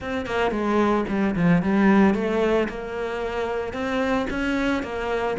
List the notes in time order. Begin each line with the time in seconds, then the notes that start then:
0.00 C4
0.26 A#3
0.51 G#3
1.08 G3
1.35 F3
1.62 G3
2.14 A3
2.68 A#3
3.73 C4
4.30 C#4
4.82 A#3